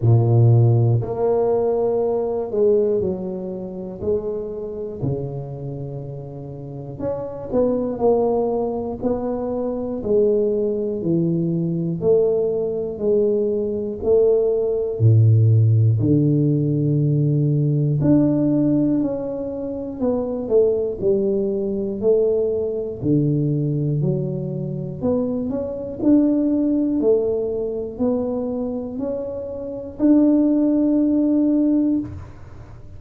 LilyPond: \new Staff \with { instrumentName = "tuba" } { \time 4/4 \tempo 4 = 60 ais,4 ais4. gis8 fis4 | gis4 cis2 cis'8 b8 | ais4 b4 gis4 e4 | a4 gis4 a4 a,4 |
d2 d'4 cis'4 | b8 a8 g4 a4 d4 | fis4 b8 cis'8 d'4 a4 | b4 cis'4 d'2 | }